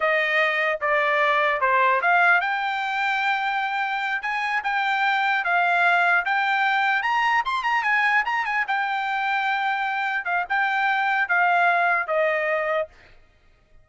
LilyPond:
\new Staff \with { instrumentName = "trumpet" } { \time 4/4 \tempo 4 = 149 dis''2 d''2 | c''4 f''4 g''2~ | g''2~ g''8 gis''4 g''8~ | g''4. f''2 g''8~ |
g''4. ais''4 c'''8 ais''8 gis''8~ | gis''8 ais''8 gis''8 g''2~ g''8~ | g''4. f''8 g''2 | f''2 dis''2 | }